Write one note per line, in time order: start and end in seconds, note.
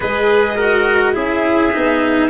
0.00 1.15 G#3
0.00 0.57 G#4
0.00 0.55 B4
0.00 1.16 D#5
0.56 1.13 F#4
0.56 1.13 A#4
1.13 1.73 C#4
1.13 1.71 E4
1.13 2.30 G#4
1.13 2.30 E5
1.71 2.30 B3
1.71 2.29 D#4